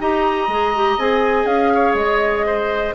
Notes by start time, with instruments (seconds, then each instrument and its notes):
0.00 bassoon D#4, clarinet G4, oboe D#5, flute A#5
0.48 bassoon G#3, clarinet G#4
0.76 clarinet G4
0.98 bassoon C4, clarinet G#4, flute G#5
1.45 bassoon C#4, flute F5
1.74 oboe C#5
1.94 bassoon G#3, flute D#5
2.46 oboe C5